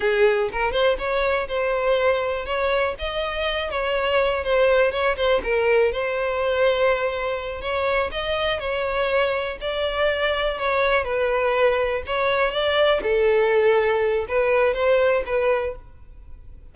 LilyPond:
\new Staff \with { instrumentName = "violin" } { \time 4/4 \tempo 4 = 122 gis'4 ais'8 c''8 cis''4 c''4~ | c''4 cis''4 dis''4. cis''8~ | cis''4 c''4 cis''8 c''8 ais'4 | c''2.~ c''8 cis''8~ |
cis''8 dis''4 cis''2 d''8~ | d''4. cis''4 b'4.~ | b'8 cis''4 d''4 a'4.~ | a'4 b'4 c''4 b'4 | }